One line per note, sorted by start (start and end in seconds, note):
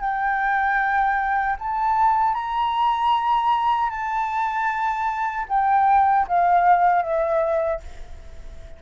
0.00 1.56 G5
1.59 2.34 A5
2.34 3.90 A#5
3.90 5.45 A5
5.48 6.26 G5
6.28 7.02 F5
7.02 7.80 E5